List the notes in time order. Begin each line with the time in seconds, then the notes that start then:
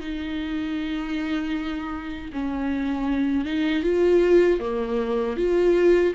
0.00 D#4
2.33 C#4
3.45 D#4
3.83 F4
4.60 A#3
5.37 F4